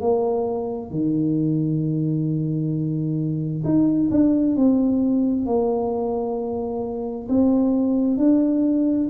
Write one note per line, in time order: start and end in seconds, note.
0.00 0.90 A#3
0.90 3.63 D#3
3.64 4.09 D#4
4.10 4.56 D4
4.56 5.45 C4
5.45 7.27 A#3
7.29 8.17 C4
8.17 9.07 D4